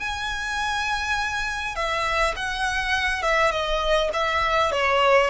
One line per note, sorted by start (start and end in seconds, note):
0.00 1.76 G#5
1.76 2.35 E5
2.36 3.23 F#5
3.23 3.51 E5
3.51 4.10 D#5
4.13 4.72 E5
4.72 5.30 C#5